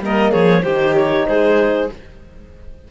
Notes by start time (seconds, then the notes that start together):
0.00 G3 A#3 A#4 D#5
0.31 F3 G#4 C#5
0.63 D#3 D#4 G4 C5
0.95 C#5
1.27 G#3 G#4 C5